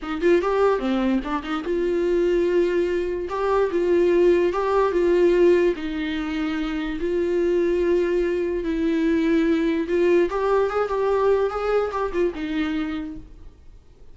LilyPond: \new Staff \with { instrumentName = "viola" } { \time 4/4 \tempo 4 = 146 dis'8 f'8 g'4 c'4 d'8 dis'8 | f'1 | g'4 f'2 g'4 | f'2 dis'2~ |
dis'4 f'2.~ | f'4 e'2. | f'4 g'4 gis'8 g'4. | gis'4 g'8 f'8 dis'2 | }